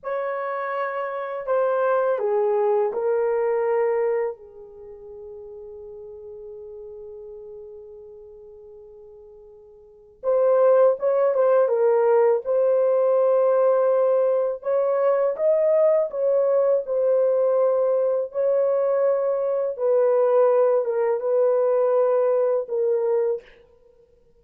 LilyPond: \new Staff \with { instrumentName = "horn" } { \time 4/4 \tempo 4 = 82 cis''2 c''4 gis'4 | ais'2 gis'2~ | gis'1~ | gis'2 c''4 cis''8 c''8 |
ais'4 c''2. | cis''4 dis''4 cis''4 c''4~ | c''4 cis''2 b'4~ | b'8 ais'8 b'2 ais'4 | }